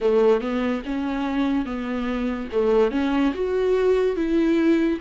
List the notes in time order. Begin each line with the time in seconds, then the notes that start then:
0.00 A3
0.41 B3
0.85 C#4
1.65 B3
2.52 A3
2.91 C#4
3.33 F#4
4.16 E4